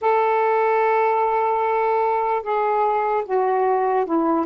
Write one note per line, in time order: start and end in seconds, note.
0.01 2.42 A4
2.42 3.23 G#4
3.25 4.05 F#4
4.05 4.46 E4